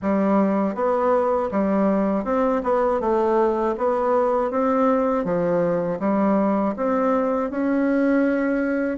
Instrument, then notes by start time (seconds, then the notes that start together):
bassoon
0.02 G3
0.74 B3
1.51 G3
2.24 C4
2.63 B3
3.00 A3
3.77 B3
4.50 C4
5.24 F3
5.99 G3
6.76 C4
7.50 C#4